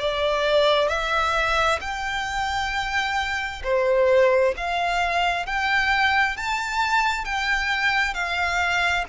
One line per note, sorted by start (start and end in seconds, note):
0.00 0.89 D5
0.89 1.80 E5
1.81 3.63 G5
3.64 4.55 C5
4.57 5.46 F5
5.46 6.37 G5
6.37 7.25 A5
7.25 8.14 G5
8.14 9.05 F5